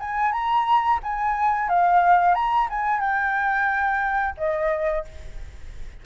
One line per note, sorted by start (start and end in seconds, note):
0.00 0.32 G#5
0.32 1.00 A#5
1.03 1.69 G#5
1.69 2.35 F5
2.35 2.68 A#5
2.70 3.01 G#5
3.01 4.35 G5
4.38 5.05 D#5